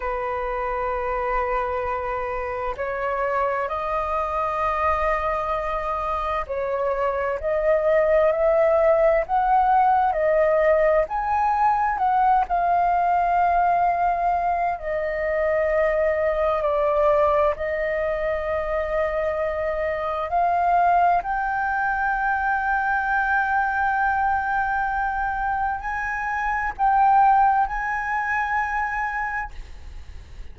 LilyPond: \new Staff \with { instrumentName = "flute" } { \time 4/4 \tempo 4 = 65 b'2. cis''4 | dis''2. cis''4 | dis''4 e''4 fis''4 dis''4 | gis''4 fis''8 f''2~ f''8 |
dis''2 d''4 dis''4~ | dis''2 f''4 g''4~ | g''1 | gis''4 g''4 gis''2 | }